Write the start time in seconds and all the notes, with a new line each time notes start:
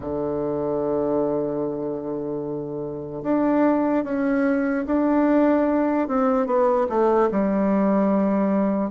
0.00 D3
3.23 D4
4.04 C#4
4.86 D4
6.08 C4
6.46 B3
6.89 A3
7.31 G3